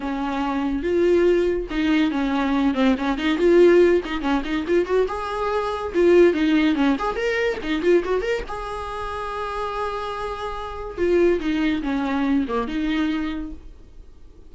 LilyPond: \new Staff \with { instrumentName = "viola" } { \time 4/4 \tempo 4 = 142 cis'2 f'2 | dis'4 cis'4. c'8 cis'8 dis'8 | f'4. dis'8 cis'8 dis'8 f'8 fis'8 | gis'2 f'4 dis'4 |
cis'8 gis'8 ais'4 dis'8 f'8 fis'8 ais'8 | gis'1~ | gis'2 f'4 dis'4 | cis'4. ais8 dis'2 | }